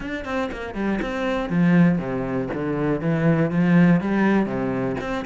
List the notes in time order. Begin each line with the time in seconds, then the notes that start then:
0.00 D4
0.25 C4
0.51 A#3
0.74 G3
1.01 C4
1.49 F3
1.98 C3
2.53 D3
3.00 E3
3.50 F3
4.00 G3
4.45 C3
5.00 C4